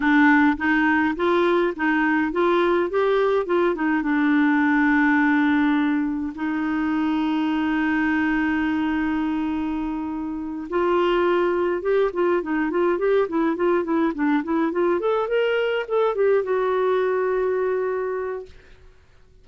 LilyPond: \new Staff \with { instrumentName = "clarinet" } { \time 4/4 \tempo 4 = 104 d'4 dis'4 f'4 dis'4 | f'4 g'4 f'8 dis'8 d'4~ | d'2. dis'4~ | dis'1~ |
dis'2~ dis'8 f'4.~ | f'8 g'8 f'8 dis'8 f'8 g'8 e'8 f'8 | e'8 d'8 e'8 f'8 a'8 ais'4 a'8 | g'8 fis'2.~ fis'8 | }